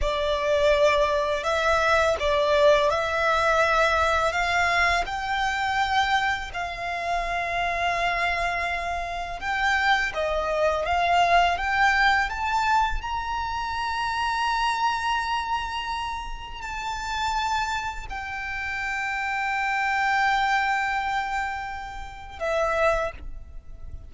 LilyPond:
\new Staff \with { instrumentName = "violin" } { \time 4/4 \tempo 4 = 83 d''2 e''4 d''4 | e''2 f''4 g''4~ | g''4 f''2.~ | f''4 g''4 dis''4 f''4 |
g''4 a''4 ais''2~ | ais''2. a''4~ | a''4 g''2.~ | g''2. e''4 | }